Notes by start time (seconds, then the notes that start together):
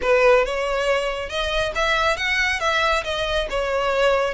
0.01 B4
0.45 C#5
1.29 D#5
1.75 E5
2.16 F#5
2.60 E5
3.04 D#5
3.49 C#5